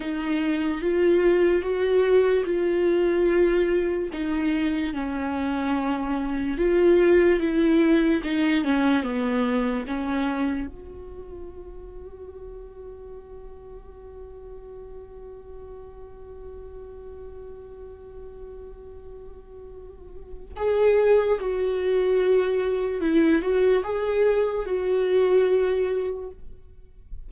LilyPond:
\new Staff \with { instrumentName = "viola" } { \time 4/4 \tempo 4 = 73 dis'4 f'4 fis'4 f'4~ | f'4 dis'4 cis'2 | f'4 e'4 dis'8 cis'8 b4 | cis'4 fis'2.~ |
fis'1~ | fis'1~ | fis'4 gis'4 fis'2 | e'8 fis'8 gis'4 fis'2 | }